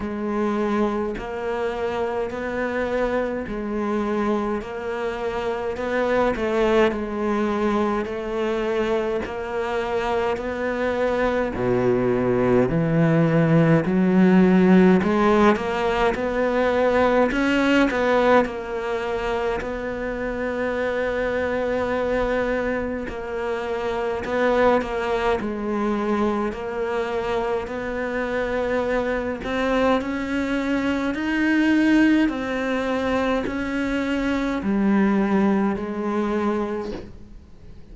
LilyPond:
\new Staff \with { instrumentName = "cello" } { \time 4/4 \tempo 4 = 52 gis4 ais4 b4 gis4 | ais4 b8 a8 gis4 a4 | ais4 b4 b,4 e4 | fis4 gis8 ais8 b4 cis'8 b8 |
ais4 b2. | ais4 b8 ais8 gis4 ais4 | b4. c'8 cis'4 dis'4 | c'4 cis'4 g4 gis4 | }